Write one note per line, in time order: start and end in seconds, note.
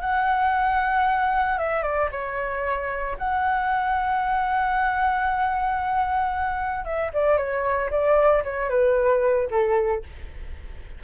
0.00 1.58 F#5
1.58 1.82 E5
1.82 2.09 D5
2.11 3.16 C#5
3.18 6.84 F#5
6.84 7.11 E5
7.13 7.37 D5
7.37 7.89 C#5
7.90 8.43 D5
8.43 8.69 C#5
8.69 9.48 B4
9.50 10.03 A4